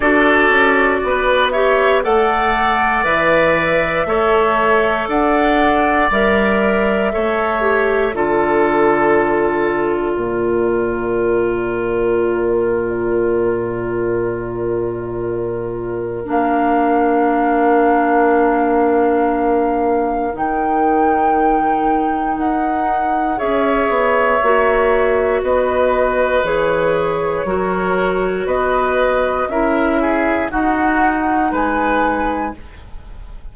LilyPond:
<<
  \new Staff \with { instrumentName = "flute" } { \time 4/4 \tempo 4 = 59 d''4. e''8 fis''4 e''4~ | e''4 fis''4 e''2 | d''1~ | d''1 |
f''1 | g''2 fis''4 e''4~ | e''4 dis''4 cis''2 | dis''4 e''4 fis''4 gis''4 | }
  \new Staff \with { instrumentName = "oboe" } { \time 4/4 a'4 b'8 cis''8 d''2 | cis''4 d''2 cis''4 | a'2 ais'2~ | ais'1~ |
ais'1~ | ais'2. cis''4~ | cis''4 b'2 ais'4 | b'4 ais'8 gis'8 fis'4 b'4 | }
  \new Staff \with { instrumentName = "clarinet" } { \time 4/4 fis'4. g'8 a'4 b'4 | a'2 ais'4 a'8 g'8 | f'1~ | f'1 |
d'1 | dis'2. gis'4 | fis'2 gis'4 fis'4~ | fis'4 e'4 dis'2 | }
  \new Staff \with { instrumentName = "bassoon" } { \time 4/4 d'8 cis'8 b4 a4 e4 | a4 d'4 g4 a4 | d2 ais,2~ | ais,1 |
ais1 | dis2 dis'4 cis'8 b8 | ais4 b4 e4 fis4 | b4 cis'4 dis'4 gis4 | }
>>